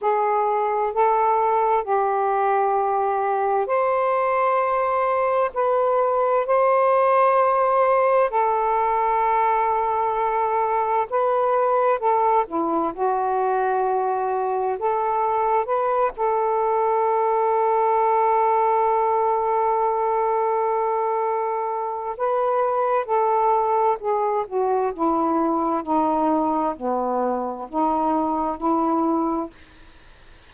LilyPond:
\new Staff \with { instrumentName = "saxophone" } { \time 4/4 \tempo 4 = 65 gis'4 a'4 g'2 | c''2 b'4 c''4~ | c''4 a'2. | b'4 a'8 e'8 fis'2 |
a'4 b'8 a'2~ a'8~ | a'1 | b'4 a'4 gis'8 fis'8 e'4 | dis'4 b4 dis'4 e'4 | }